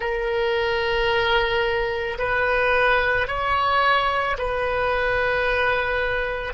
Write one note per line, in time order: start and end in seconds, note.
0.00 2.18 A#4
2.18 3.27 B4
3.27 4.36 C#5
4.38 6.53 B4